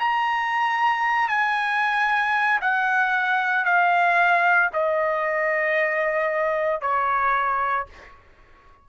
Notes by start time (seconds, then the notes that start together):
0.00 A#5
1.29 G#5
2.62 F#5
3.65 F5
4.73 D#5
6.82 C#5